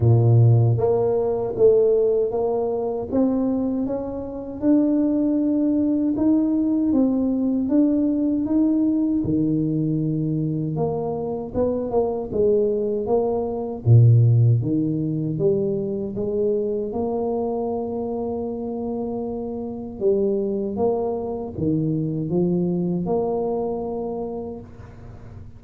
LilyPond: \new Staff \with { instrumentName = "tuba" } { \time 4/4 \tempo 4 = 78 ais,4 ais4 a4 ais4 | c'4 cis'4 d'2 | dis'4 c'4 d'4 dis'4 | dis2 ais4 b8 ais8 |
gis4 ais4 ais,4 dis4 | g4 gis4 ais2~ | ais2 g4 ais4 | dis4 f4 ais2 | }